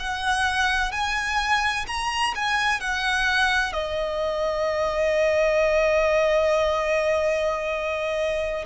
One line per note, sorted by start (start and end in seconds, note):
0.00 0.92 F#5
0.92 1.86 G#5
1.87 2.34 A#5
2.36 2.81 G#5
2.81 3.73 F#5
3.73 8.65 D#5